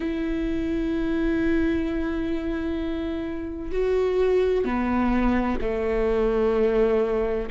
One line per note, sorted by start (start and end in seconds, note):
0.00 3.71 E4
3.71 4.64 F#4
4.64 5.58 B3
5.61 7.48 A3